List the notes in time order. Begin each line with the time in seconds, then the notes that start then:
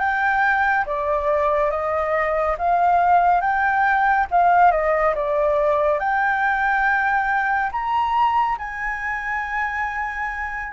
0.00 G5
0.86 D5
1.71 D#5
2.59 F5
3.41 G5
4.31 F5
4.72 D#5
5.15 D5
6.00 G5
7.72 A#5
8.59 G#5